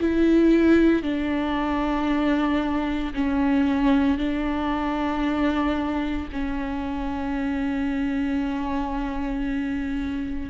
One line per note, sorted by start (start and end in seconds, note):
0.00 1.03 E4
1.03 3.13 D4
3.14 4.18 C#4
4.18 6.28 D4
6.33 10.50 C#4